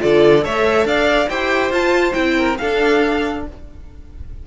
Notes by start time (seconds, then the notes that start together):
0.00 D3 F4 A4 D5
0.42 A3 A4 C#5 E5
0.85 D4 D5 F5
1.29 E4 G4 C5 G5
1.71 F4 A5
2.13 C4 E4 G5
2.38 A#4
2.58 D4 A4 F5